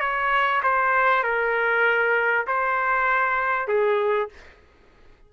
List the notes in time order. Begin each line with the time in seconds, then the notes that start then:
0.00 C#5
0.63 C5
1.23 A#4
2.47 C5
3.68 G#4